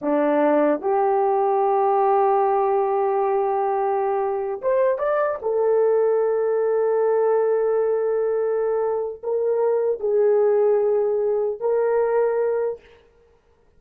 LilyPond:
\new Staff \with { instrumentName = "horn" } { \time 4/4 \tempo 4 = 150 d'2 g'2~ | g'1~ | g'2.~ g'8 c''8~ | c''8 d''4 a'2~ a'8~ |
a'1~ | a'2. ais'4~ | ais'4 gis'2.~ | gis'4 ais'2. | }